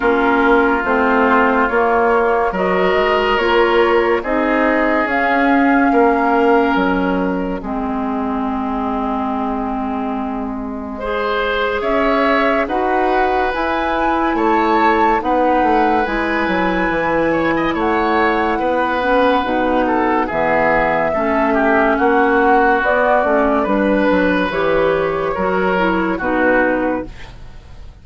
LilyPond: <<
  \new Staff \with { instrumentName = "flute" } { \time 4/4 \tempo 4 = 71 ais'4 c''4 cis''4 dis''4 | cis''4 dis''4 f''2 | dis''1~ | dis''2 e''4 fis''4 |
gis''4 a''4 fis''4 gis''4~ | gis''4 fis''2. | e''2 fis''4 d''4 | b'4 cis''2 b'4 | }
  \new Staff \with { instrumentName = "oboe" } { \time 4/4 f'2. ais'4~ | ais'4 gis'2 ais'4~ | ais'4 gis'2.~ | gis'4 c''4 cis''4 b'4~ |
b'4 cis''4 b'2~ | b'8 cis''16 dis''16 cis''4 b'4. a'8 | gis'4 a'8 g'8 fis'2 | b'2 ais'4 fis'4 | }
  \new Staff \with { instrumentName = "clarinet" } { \time 4/4 cis'4 c'4 ais4 fis'4 | f'4 dis'4 cis'2~ | cis'4 c'2.~ | c'4 gis'2 fis'4 |
e'2 dis'4 e'4~ | e'2~ e'8 cis'8 dis'4 | b4 cis'2 b8 cis'8 | d'4 g'4 fis'8 e'8 dis'4 | }
  \new Staff \with { instrumentName = "bassoon" } { \time 4/4 ais4 a4 ais4 fis8 gis8 | ais4 c'4 cis'4 ais4 | fis4 gis2.~ | gis2 cis'4 dis'4 |
e'4 a4 b8 a8 gis8 fis8 | e4 a4 b4 b,4 | e4 a4 ais4 b8 a8 | g8 fis8 e4 fis4 b,4 | }
>>